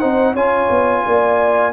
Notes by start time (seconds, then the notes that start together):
0.00 C4 D#4 C5 F#5
0.33 C#4 F4 C#5 G#5
0.70 B3
1.06 A#3 D5